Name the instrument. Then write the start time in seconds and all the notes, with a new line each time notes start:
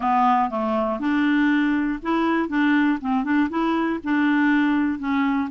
clarinet
0.00 B3
0.50 A3
0.99 D4
2.02 E4
2.49 D4
3.00 C4
3.23 D4
3.49 E4
4.03 D4
4.98 C#4